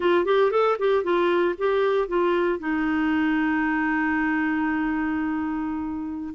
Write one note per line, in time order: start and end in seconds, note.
0.00 0.25 F4
0.25 0.51 G4
0.51 0.77 A4
0.78 1.03 G4
1.03 1.55 F4
1.58 2.08 G4
2.08 2.59 F4
2.59 6.34 D#4